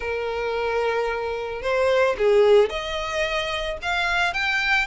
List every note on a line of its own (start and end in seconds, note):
0.00 1.62 A#4
1.62 2.16 C5
2.18 2.69 G#4
2.69 3.77 D#5
3.82 4.33 F5
4.33 4.86 G5